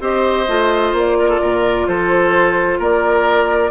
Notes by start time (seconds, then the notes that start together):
0.00 C4 G4 C5 D#5
0.48 A3 F4
0.93 A#3 D5
1.19 A#4
1.29 A4
1.41 A#2 A#4
1.87 F3 A4 C5
2.79 A#3 A#4 D5